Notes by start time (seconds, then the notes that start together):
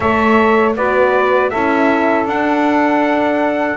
0.00 A3 A4 C#5 E5
0.76 B3 F#4 B4 D5
1.50 C#4 E4 A4 E5
2.25 D4 F#5